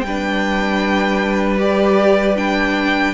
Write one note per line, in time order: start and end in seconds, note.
0.00 3.14 G3
0.00 3.14 B4
0.00 1.56 G5
0.07 1.58 D4
1.58 2.36 G4
1.58 2.37 D5
2.36 3.14 D4
2.36 3.14 G5